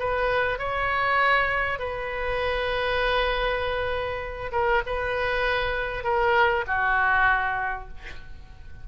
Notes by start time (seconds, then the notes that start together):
0.00 B4
0.59 C#5
1.79 B4
4.52 A#4
4.87 B4
6.04 A#4
6.67 F#4